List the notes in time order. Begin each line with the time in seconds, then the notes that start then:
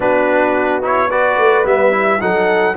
0.00 B3 D4 F#4 B4
0.82 E4 C#5
1.09 F#4 B4 D5
1.37 A3
1.64 G3 B3 E5
1.91 E4
2.19 F#3 D#4 A4 F#5